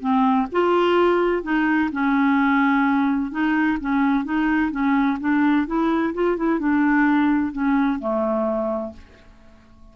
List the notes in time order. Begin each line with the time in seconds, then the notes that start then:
0.00 C4
0.52 F4
1.43 D#4
1.92 C#4
3.31 D#4
3.80 C#4
4.24 D#4
4.71 C#4
5.20 D4
5.67 E4
6.14 F4
6.37 E4
6.59 D4
7.52 C#4
7.99 A3